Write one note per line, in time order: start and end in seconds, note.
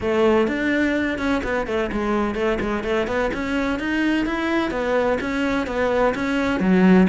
0.00 0.47 A3
0.47 1.18 D4
1.18 1.42 C#4
1.43 1.66 B3
1.66 1.90 A3
1.91 2.35 G#3
2.35 2.58 A3
2.60 2.83 G#3
2.83 3.07 A3
3.07 3.30 B3
3.33 3.79 C#4
3.79 4.26 D#4
4.26 4.70 E4
4.70 5.18 B3
5.21 5.66 C#4
5.66 6.14 B3
6.14 6.59 C#4
6.59 7.07 F#3